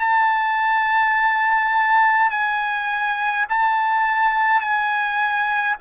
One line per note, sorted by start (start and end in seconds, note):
0.00 2.31 A5
2.31 3.46 G#5
3.49 4.60 A5
4.60 5.76 G#5